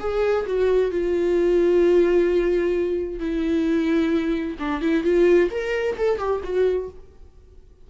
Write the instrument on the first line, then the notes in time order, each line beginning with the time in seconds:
viola
0.00 G#4
0.46 F#4
0.91 F4
3.20 E4
4.59 D4
4.81 E4
5.04 F4
5.51 A#4
5.97 A4
6.18 G4
6.44 F#4